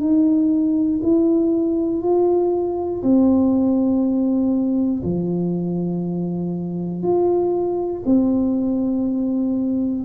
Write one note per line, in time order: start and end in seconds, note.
0.00 1.00 D#4
1.03 2.02 E4
2.02 3.02 F4
3.03 5.03 C4
5.03 7.02 F3
7.02 8.02 F4
8.05 10.05 C4